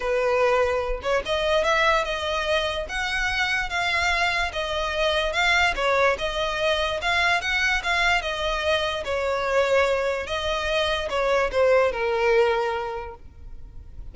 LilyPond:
\new Staff \with { instrumentName = "violin" } { \time 4/4 \tempo 4 = 146 b'2~ b'8 cis''8 dis''4 | e''4 dis''2 fis''4~ | fis''4 f''2 dis''4~ | dis''4 f''4 cis''4 dis''4~ |
dis''4 f''4 fis''4 f''4 | dis''2 cis''2~ | cis''4 dis''2 cis''4 | c''4 ais'2. | }